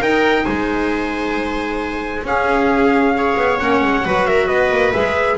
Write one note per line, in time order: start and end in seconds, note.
0.00 2.24 D#4
0.00 0.45 D#4
0.00 0.44 A#4
0.00 0.45 G5
0.44 2.23 G#3
0.44 2.23 C5
0.44 2.24 G#5
2.23 3.35 C#4
2.23 3.14 C#4
2.23 3.16 G#4
2.23 3.59 F5
3.15 3.59 G#4
3.15 4.05 C#5
3.36 3.59 B3
3.59 3.82 A#3
3.59 4.04 C#4
3.59 4.26 F#5
3.82 4.05 G#3
4.05 4.49 F#3
4.05 4.94 F#4
4.05 4.27 B4
4.26 4.46 A#4
4.26 4.47 E5
4.46 4.71 B3
4.46 5.36 B4
4.46 4.92 D#5
4.71 4.93 A#3
4.93 5.37 G#3
4.93 5.37 G#4
4.93 5.37 E5